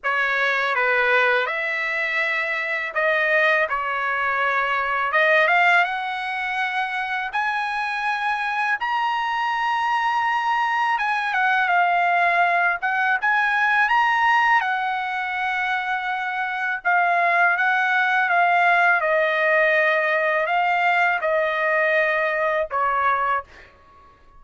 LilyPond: \new Staff \with { instrumentName = "trumpet" } { \time 4/4 \tempo 4 = 82 cis''4 b'4 e''2 | dis''4 cis''2 dis''8 f''8 | fis''2 gis''2 | ais''2. gis''8 fis''8 |
f''4. fis''8 gis''4 ais''4 | fis''2. f''4 | fis''4 f''4 dis''2 | f''4 dis''2 cis''4 | }